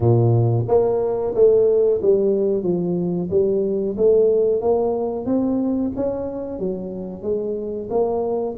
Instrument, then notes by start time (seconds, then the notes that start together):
tuba
0.00 A#2
0.67 A#3
1.34 A3
2.02 G3
2.63 F3
3.30 G3
3.97 A3
4.61 A#3
5.25 C4
5.96 C#4
6.59 F#3
7.22 G#3
7.90 A#3